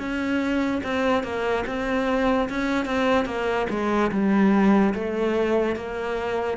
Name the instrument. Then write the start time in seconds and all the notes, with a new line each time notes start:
cello
0.00 C#4
0.84 C4
1.24 A#3
1.67 C4
2.50 C#4
2.86 C4
3.26 A#3
3.70 G#3
4.12 G3
4.95 A3
5.76 A#3